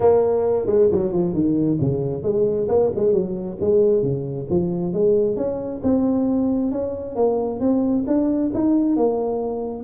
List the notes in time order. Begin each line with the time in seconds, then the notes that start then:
0.00 A#3
0.66 G#3
0.91 F#3
1.12 F3
1.33 D#3
1.80 C#3
2.22 G#3
2.68 A#3
2.95 G#3
3.12 F#3
3.60 G#3
4.02 C#3
4.49 F3
4.93 G#3
5.36 C#4
5.83 C4
6.71 C#4
7.15 A#3
7.60 C4
8.07 D4
8.53 D#4
8.96 A#3